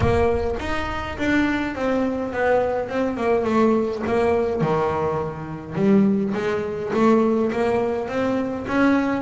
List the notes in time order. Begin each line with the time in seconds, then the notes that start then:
0.00 A#3
0.59 D#4
1.17 D4
1.75 C4
2.32 B3
2.88 C4
3.16 A#3
3.44 A3
4.06 A#3
4.61 D#3
5.75 G3
6.34 G#3
6.93 A3
7.52 A#3
8.08 C4
8.67 C#4